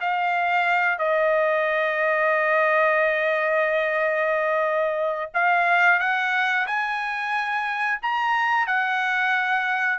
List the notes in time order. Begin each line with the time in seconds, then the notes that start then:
0.00 F5
0.98 D#5
5.34 F5
5.99 F#5
6.66 G#5
8.02 A#5
8.66 F#5